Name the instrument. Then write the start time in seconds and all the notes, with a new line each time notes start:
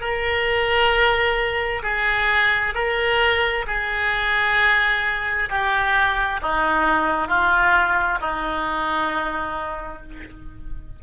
oboe
0.00 A#4
1.82 G#4
2.74 A#4
3.67 G#4
5.49 G4
6.42 D#4
7.27 F4
8.20 D#4